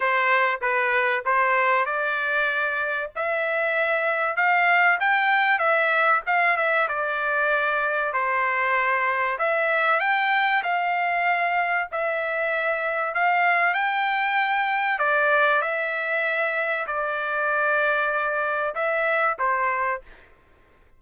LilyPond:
\new Staff \with { instrumentName = "trumpet" } { \time 4/4 \tempo 4 = 96 c''4 b'4 c''4 d''4~ | d''4 e''2 f''4 | g''4 e''4 f''8 e''8 d''4~ | d''4 c''2 e''4 |
g''4 f''2 e''4~ | e''4 f''4 g''2 | d''4 e''2 d''4~ | d''2 e''4 c''4 | }